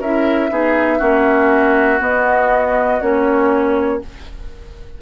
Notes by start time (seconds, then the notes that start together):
0.00 C#4 E4 A#4 E5
0.50 B3 D#4 G#4
0.98 A#3 C#4 F#4
1.99 B3 D#5
3.01 A#3 C#4 C#5